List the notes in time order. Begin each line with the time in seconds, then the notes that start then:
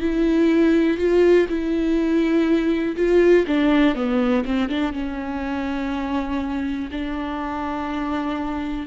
0.00 E4
0.97 F4
1.48 E4
2.96 F4
3.46 D4
3.95 B3
4.45 C4
4.69 D4
4.92 C#4
6.91 D4